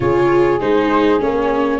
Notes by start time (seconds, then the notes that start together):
0.00 C#3 F4 G#4 C#5
0.60 G#3 D#4 C5
1.19 A#3 C#4 C#5